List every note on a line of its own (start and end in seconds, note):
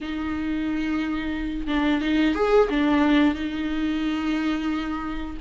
0.00 1.67 D#4
1.67 2.01 D4
2.01 2.34 D#4
2.34 2.68 G#4
2.69 3.34 D4
3.34 5.37 D#4